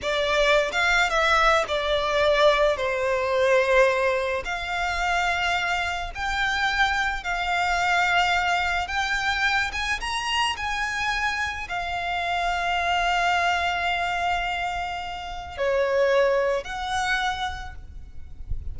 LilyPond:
\new Staff \with { instrumentName = "violin" } { \time 4/4 \tempo 4 = 108 d''4~ d''16 f''8. e''4 d''4~ | d''4 c''2. | f''2. g''4~ | g''4 f''2. |
g''4. gis''8 ais''4 gis''4~ | gis''4 f''2.~ | f''1 | cis''2 fis''2 | }